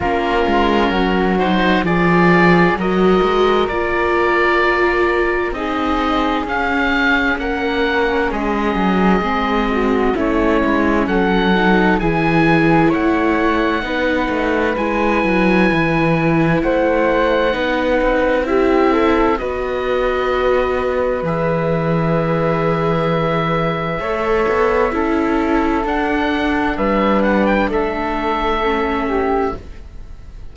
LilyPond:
<<
  \new Staff \with { instrumentName = "oboe" } { \time 4/4 \tempo 4 = 65 ais'4. c''8 d''4 dis''4 | d''2 dis''4 f''4 | fis''4 dis''2 cis''4 | fis''4 gis''4 fis''2 |
gis''2 fis''2 | e''4 dis''2 e''4~ | e''1 | fis''4 e''8 fis''16 g''16 e''2 | }
  \new Staff \with { instrumentName = "flute" } { \time 4/4 f'4 fis'4 gis'4 ais'4~ | ais'2 gis'2 | ais'4 gis'4. fis'8 e'4 | a'4 gis'4 cis''4 b'4~ |
b'2 c''4 b'4 | g'8 a'8 b'2.~ | b'2 cis''4 a'4~ | a'4 b'4 a'4. g'8 | }
  \new Staff \with { instrumentName = "viola" } { \time 4/4 cis'4. dis'8 f'4 fis'4 | f'2 dis'4 cis'4~ | cis'2 c'4 cis'4~ | cis'8 dis'8 e'2 dis'4 |
e'2. dis'4 | e'4 fis'2 gis'4~ | gis'2 a'4 e'4 | d'2. cis'4 | }
  \new Staff \with { instrumentName = "cello" } { \time 4/4 ais8 gis8 fis4 f4 fis8 gis8 | ais2 c'4 cis'4 | ais4 gis8 fis8 gis4 a8 gis8 | fis4 e4 a4 b8 a8 |
gis8 fis8 e4 a4 b8 c'8~ | c'4 b2 e4~ | e2 a8 b8 cis'4 | d'4 g4 a2 | }
>>